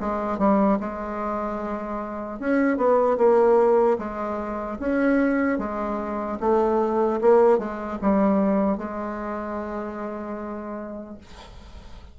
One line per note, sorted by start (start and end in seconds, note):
0.00 0.38 G#3
0.38 0.78 G3
0.80 2.39 G#3
2.39 2.77 C#4
2.77 3.17 B3
3.17 3.97 A#3
3.98 4.78 G#3
4.79 5.58 C#4
5.58 6.38 G#3
6.40 7.20 A3
7.21 7.58 A#3
7.58 7.98 G#3
8.01 8.77 G3
8.77 11.17 G#3